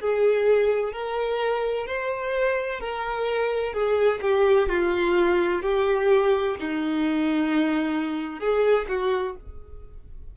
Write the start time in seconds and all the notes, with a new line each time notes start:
0.00 G#4
0.92 A#4
1.86 C5
2.80 A#4
3.73 G#4
4.21 G4
4.69 F4
5.62 G4
6.60 D#4
8.39 G#4
8.88 F#4